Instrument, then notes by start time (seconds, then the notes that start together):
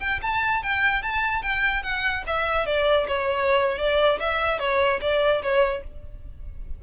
violin
0.00 G5
0.22 A5
0.63 G5
1.03 A5
1.43 G5
1.83 F#5
2.27 E5
2.66 D5
3.08 C#5
3.79 D5
4.20 E5
4.59 C#5
5.01 D5
5.43 C#5